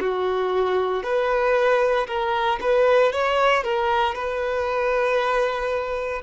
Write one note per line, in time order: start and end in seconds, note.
0.00 1.03 F#4
1.03 2.06 B4
2.07 2.59 A#4
2.61 3.12 B4
3.12 3.63 C#5
3.63 4.15 A#4
4.15 6.22 B4